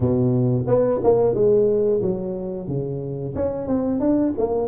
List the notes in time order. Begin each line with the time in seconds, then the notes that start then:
0.00 B2
0.67 B3
1.03 A#3
1.34 G#3
2.01 F#3
2.67 C#3
3.35 C#4
3.67 C4
3.99 D4
4.37 A#3